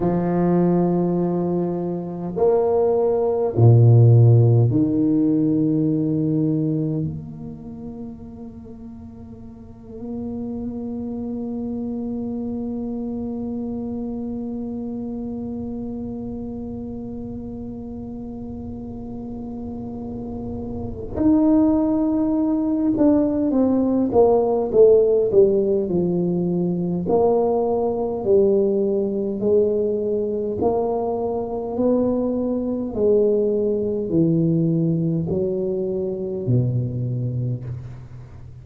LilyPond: \new Staff \with { instrumentName = "tuba" } { \time 4/4 \tempo 4 = 51 f2 ais4 ais,4 | dis2 ais2~ | ais1~ | ais1~ |
ais2 dis'4. d'8 | c'8 ais8 a8 g8 f4 ais4 | g4 gis4 ais4 b4 | gis4 e4 fis4 b,4 | }